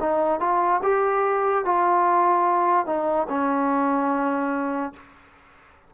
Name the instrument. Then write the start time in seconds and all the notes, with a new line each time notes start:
trombone
0.00 D#4
0.40 F4
0.83 G4
1.65 F4
2.87 D#4
3.29 C#4